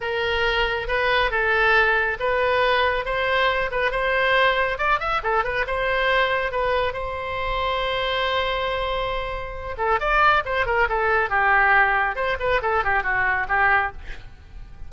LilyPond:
\new Staff \with { instrumentName = "oboe" } { \time 4/4 \tempo 4 = 138 ais'2 b'4 a'4~ | a'4 b'2 c''4~ | c''8 b'8 c''2 d''8 e''8 | a'8 b'8 c''2 b'4 |
c''1~ | c''2~ c''8 a'8 d''4 | c''8 ais'8 a'4 g'2 | c''8 b'8 a'8 g'8 fis'4 g'4 | }